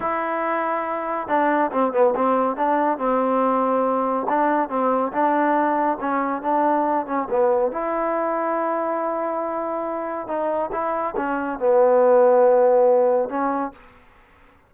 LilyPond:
\new Staff \with { instrumentName = "trombone" } { \time 4/4 \tempo 4 = 140 e'2. d'4 | c'8 b8 c'4 d'4 c'4~ | c'2 d'4 c'4 | d'2 cis'4 d'4~ |
d'8 cis'8 b4 e'2~ | e'1 | dis'4 e'4 cis'4 b4~ | b2. cis'4 | }